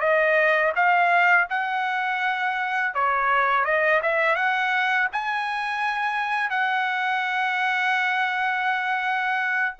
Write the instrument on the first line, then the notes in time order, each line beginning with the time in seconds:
trumpet
0.00 D#5
0.76 F5
1.50 F#5
2.94 C#5
3.65 D#5
4.02 E5
4.36 F#5
5.13 G#5
6.50 F#5